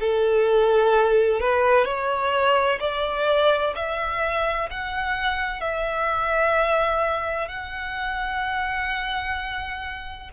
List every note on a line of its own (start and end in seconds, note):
0.00 1.40 A4
1.40 1.85 B4
1.85 2.79 C#5
2.80 3.73 D5
3.75 4.69 E5
4.70 5.60 F#5
5.60 7.48 E5
7.48 10.29 F#5